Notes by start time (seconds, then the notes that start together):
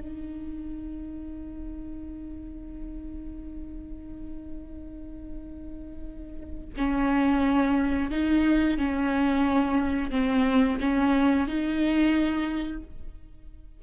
0.00 D#4
6.77 C#4
8.11 D#4
8.78 C#4
10.11 C4
10.80 C#4
11.48 D#4